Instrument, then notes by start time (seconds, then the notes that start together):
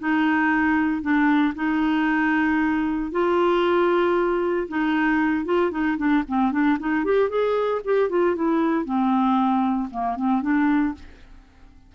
clarinet
0.00 D#4
1.02 D4
1.56 D#4
3.12 F4
4.69 D#4
5.46 F4
5.72 D#4
5.98 D4
6.28 C4
6.52 D4
6.80 D#4
7.05 G4
7.30 G#4
7.85 G4
8.10 F4
8.36 E4
8.86 C4
9.91 A#3
10.17 C4
10.42 D4